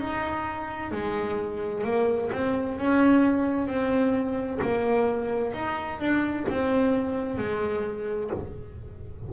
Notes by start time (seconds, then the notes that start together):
0.00 D#4
0.92 G#3
1.85 A#3
2.33 C4
2.79 C#4
3.68 C4
4.62 A#3
5.54 D#4
6.00 D4
6.50 C4
7.38 G#3